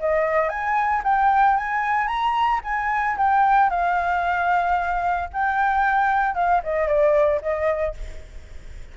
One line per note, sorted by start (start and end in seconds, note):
0.00 0.49 D#5
0.49 1.03 G#5
1.04 1.57 G5
1.57 2.08 G#5
2.08 2.61 A#5
2.64 3.17 G#5
3.18 3.70 G5
3.70 5.29 F5
5.33 6.35 G5
6.35 6.62 F5
6.63 6.88 D#5
6.88 7.41 D5
7.42 7.95 D#5